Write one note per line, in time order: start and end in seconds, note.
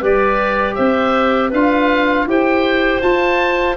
0.00 0.77 G3
0.00 1.52 G4
0.00 0.75 B4
0.00 0.75 D5
0.75 1.52 C4
0.75 1.49 C5
0.75 1.50 E5
1.49 2.26 D4
1.49 2.28 F4
1.49 2.24 B4
1.49 2.28 F5
2.26 3.01 E4
2.26 3.03 G4
2.26 3.77 C5
2.26 3.02 G5
3.02 3.77 F4
3.02 3.77 A5